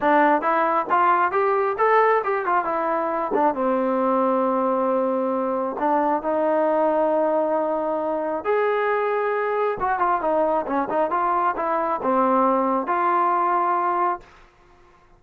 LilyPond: \new Staff \with { instrumentName = "trombone" } { \time 4/4 \tempo 4 = 135 d'4 e'4 f'4 g'4 | a'4 g'8 f'8 e'4. d'8 | c'1~ | c'4 d'4 dis'2~ |
dis'2. gis'4~ | gis'2 fis'8 f'8 dis'4 | cis'8 dis'8 f'4 e'4 c'4~ | c'4 f'2. | }